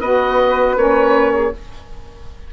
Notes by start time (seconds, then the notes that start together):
0.00 B3 F#4 B4 D#5
0.76 A#3 C#4 C#5
1.33 G#4